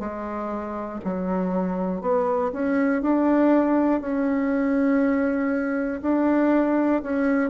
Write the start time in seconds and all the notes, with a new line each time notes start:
0.00 G#3
1.05 F#3
2.02 B3
2.53 C#4
3.03 D4
4.01 C#4
6.02 D4
7.03 C#4